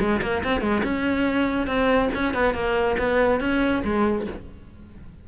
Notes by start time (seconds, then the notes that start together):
0.00 G#3
0.22 A#3
0.44 C4
0.61 G#3
0.84 C#4
1.67 C4
2.15 C#4
2.34 B3
2.54 A#3
2.98 B3
3.40 C#4
3.85 G#3